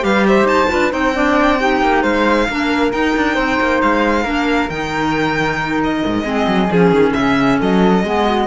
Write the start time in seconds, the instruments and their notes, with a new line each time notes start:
0.00 cello G3, clarinet G4, flute B4, violin F5
0.26 flute C5, violin E5
0.43 cello D#4, violin A5
0.68 cello D4, clarinet F4, flute B4
0.90 cello C4, clarinet D#4, flute C5, violin G5
1.14 clarinet D4, flute D5
1.59 clarinet D#4, flute G4
1.81 cello A#3
2.02 cello G#3, flute C5, violin F5
2.48 cello A#3, clarinet D4, flute A#4
2.92 clarinet D#4, cello D#4, violin G5
3.16 cello D4
3.34 cello C4, flute C5
3.60 cello A#3
3.81 cello G#3, violin F5
4.23 cello A#3, clarinet D4, flute A#4
4.69 cello D#3, clarinet D#4, violin G5
5.83 violin D#5
6.05 cello G#2
6.23 cello G#3, clarinet C4, flute G#4
6.47 cello F#3
6.71 cello F3, clarinet C#4, violin G#4
6.91 cello D#3
7.13 cello C#3, violin E5
7.59 cello F#3, flute A4, violin D#5
8.03 cello G#3, clarinet B3, flute G#4
8.24 flute F#4